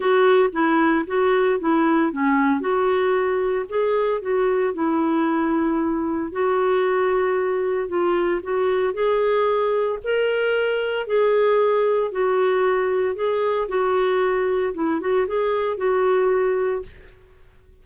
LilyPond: \new Staff \with { instrumentName = "clarinet" } { \time 4/4 \tempo 4 = 114 fis'4 e'4 fis'4 e'4 | cis'4 fis'2 gis'4 | fis'4 e'2. | fis'2. f'4 |
fis'4 gis'2 ais'4~ | ais'4 gis'2 fis'4~ | fis'4 gis'4 fis'2 | e'8 fis'8 gis'4 fis'2 | }